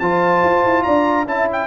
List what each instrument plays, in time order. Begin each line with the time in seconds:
0.00 tuba F3, trombone F4, horn C5, trumpet A5
0.44 tuba F4
0.65 tuba E4
0.84 tuba D4, horn D5, trumpet A#5
1.26 tuba C#4, trombone E4, horn E5, trumpet A5
1.53 trumpet G5